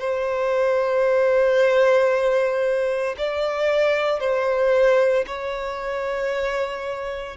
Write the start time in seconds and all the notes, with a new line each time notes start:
0.00 C5
3.18 D5
4.20 C5
5.27 C#5